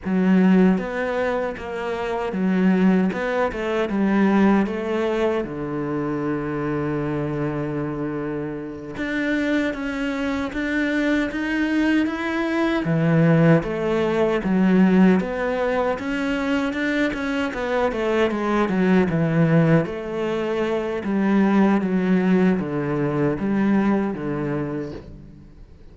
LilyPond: \new Staff \with { instrumentName = "cello" } { \time 4/4 \tempo 4 = 77 fis4 b4 ais4 fis4 | b8 a8 g4 a4 d4~ | d2.~ d8 d'8~ | d'8 cis'4 d'4 dis'4 e'8~ |
e'8 e4 a4 fis4 b8~ | b8 cis'4 d'8 cis'8 b8 a8 gis8 | fis8 e4 a4. g4 | fis4 d4 g4 d4 | }